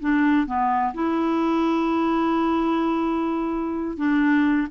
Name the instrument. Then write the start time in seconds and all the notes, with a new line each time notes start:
clarinet
0.00 D4
0.47 B3
0.94 E4
3.97 D4